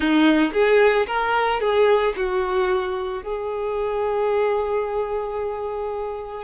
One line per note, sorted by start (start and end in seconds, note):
0.00 0.52 D#4
0.53 1.06 G#4
1.07 1.60 A#4
1.60 2.13 G#4
2.16 3.23 F#4
3.23 6.43 G#4